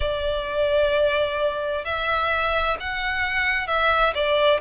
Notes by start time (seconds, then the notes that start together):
0.00 D5
1.85 E5
2.79 F#5
3.67 E5
4.14 D5